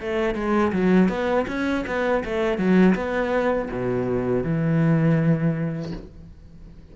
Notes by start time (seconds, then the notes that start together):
0.00 A3
0.35 G#3
0.72 F#3
1.09 B3
1.47 C#4
1.87 B3
2.24 A3
2.58 F#3
2.95 B3
3.71 B2
4.43 E3